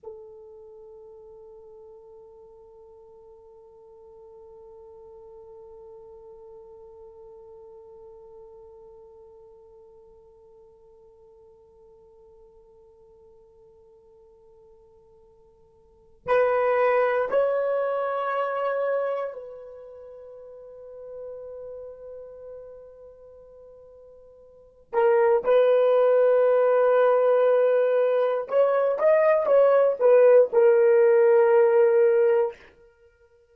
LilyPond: \new Staff \with { instrumentName = "horn" } { \time 4/4 \tempo 4 = 59 a'1~ | a'1~ | a'1~ | a'1 |
b'4 cis''2 b'4~ | b'1~ | b'8 ais'8 b'2. | cis''8 dis''8 cis''8 b'8 ais'2 | }